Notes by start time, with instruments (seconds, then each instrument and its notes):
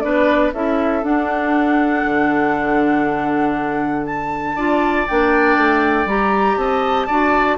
0.00 bassoon B3, clarinet D4, oboe B4, flute D5
0.53 bassoon C#4, clarinet E4, oboe A4, flute E5
1.03 clarinet D4, bassoon D4, flute F#5
2.04 bassoon D3
4.06 flute A5
4.55 bassoon D4, clarinet F4, oboe D5
5.07 bassoon A#3, clarinet D4, flute G5
5.57 bassoon A3
6.05 bassoon G3, clarinet G4, flute A#5
6.57 bassoon C4, oboe D#5, flute A5
7.07 bassoon D4, clarinet F#4, oboe D5